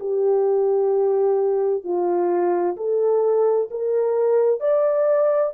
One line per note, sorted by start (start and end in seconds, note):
0.00 1.84 G4
1.84 2.77 F4
2.77 3.69 A4
3.71 4.61 A#4
4.61 5.53 D5